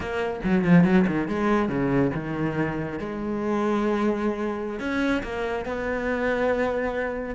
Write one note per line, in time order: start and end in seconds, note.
0.00 0.40 A#3
0.44 0.64 F#3
0.64 0.84 F3
0.84 1.05 F#3
1.07 1.28 D#3
1.28 1.68 G#3
1.68 2.11 C#3
2.14 2.99 D#3
2.99 4.79 G#3
4.79 5.22 C#4
5.23 5.65 A#3
5.65 7.35 B3